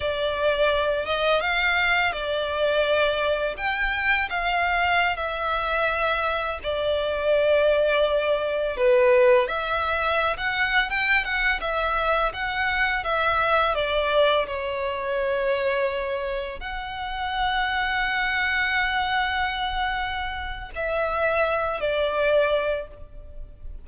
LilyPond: \new Staff \with { instrumentName = "violin" } { \time 4/4 \tempo 4 = 84 d''4. dis''8 f''4 d''4~ | d''4 g''4 f''4~ f''16 e''8.~ | e''4~ e''16 d''2~ d''8.~ | d''16 b'4 e''4~ e''16 fis''8. g''8 fis''16~ |
fis''16 e''4 fis''4 e''4 d''8.~ | d''16 cis''2. fis''8.~ | fis''1~ | fis''4 e''4. d''4. | }